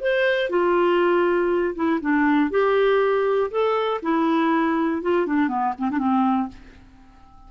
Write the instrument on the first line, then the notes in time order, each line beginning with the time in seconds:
clarinet
0.00 C5
0.49 F4
1.75 E4
2.00 D4
2.50 G4
3.50 A4
4.02 E4
5.02 F4
5.26 D4
5.48 B3
5.77 C4
5.90 D4
5.98 C4